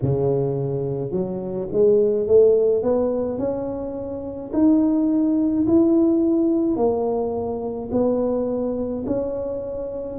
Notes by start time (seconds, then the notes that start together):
0.02 C#3
1.11 F#3
1.71 G#3
2.26 A3
2.83 B3
3.38 C#4
4.53 D#4
5.66 E4
6.76 A#3
7.91 B3
9.06 C#4